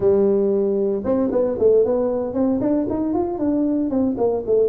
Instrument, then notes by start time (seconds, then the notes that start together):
tuba
0.00 G3
1.04 C4
1.31 B3
1.58 A3
1.85 B3
2.33 C4
2.60 D4
2.89 D#4
3.13 F4
3.38 D4
3.89 C4
4.17 A#3
4.45 A3